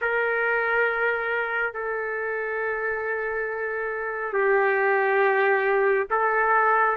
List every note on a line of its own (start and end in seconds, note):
0.01 1.73 A#4
1.73 4.33 A4
4.33 6.07 G4
6.10 6.96 A4